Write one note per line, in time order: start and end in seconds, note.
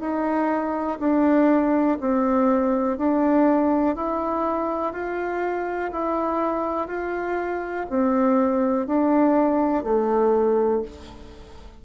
0.00 0.98 D#4
1.00 1.98 D4
2.00 2.97 C4
2.97 3.95 D4
3.95 4.93 E4
4.93 5.91 F4
5.92 6.88 E4
6.88 7.86 F4
7.90 8.87 C4
8.87 9.84 D4
9.84 10.82 A3